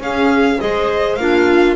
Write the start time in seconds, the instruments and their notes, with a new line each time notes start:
0.00 double bass C#4, clarinet C#4, viola G#4, violin F5
0.60 double bass G#3, clarinet G#4, viola C5, violin D#5
1.16 double bass A#3, clarinet D4, viola F4, violin F5